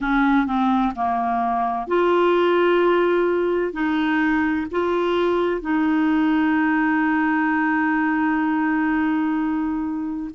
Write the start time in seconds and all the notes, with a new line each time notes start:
0.00 C#4
0.46 C4
0.95 A#3
1.87 F4
3.72 D#4
4.71 F4
5.61 D#4